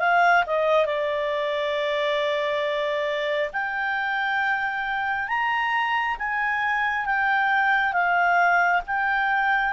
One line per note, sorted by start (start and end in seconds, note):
0.00 0.44 F5
0.47 0.86 D#5
0.86 3.51 D5
3.53 5.29 G5
5.29 6.17 A#5
6.19 7.06 G#5
7.06 7.93 G5
7.93 8.82 F5
8.87 9.73 G5